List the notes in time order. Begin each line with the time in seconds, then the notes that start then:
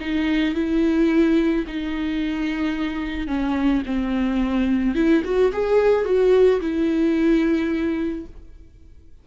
0.00 D#4
0.54 E4
1.66 D#4
3.27 C#4
3.85 C4
4.94 E4
5.24 F#4
5.52 G#4
6.05 F#4
6.60 E4